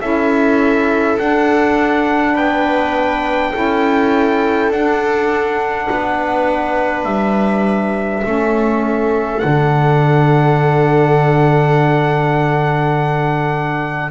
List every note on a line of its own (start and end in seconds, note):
0.00 1.18 C#4
0.00 1.18 E4
0.00 2.33 A4
0.00 1.18 E5
1.18 3.53 D4
1.18 2.36 D4
1.18 2.36 F#5
2.33 3.53 B3
2.33 3.51 B4
2.33 4.71 G5
3.52 4.70 C#4
3.52 4.71 E4
3.52 5.87 A4
4.70 5.88 D4
4.70 8.23 D4
4.70 7.04 F#5
5.89 7.05 B3
5.89 8.25 B4
7.04 8.23 G3
7.04 9.39 E5
8.23 9.42 A3
8.23 9.39 C#4
8.23 14.11 A4
9.39 14.11 D3
9.39 14.10 D4
9.39 14.10 F#5